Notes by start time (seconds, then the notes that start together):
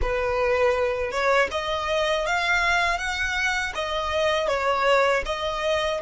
0.01 B4
1.10 C#5
1.51 D#5
2.26 F5
2.98 F#5
3.75 D#5
4.48 C#5
5.25 D#5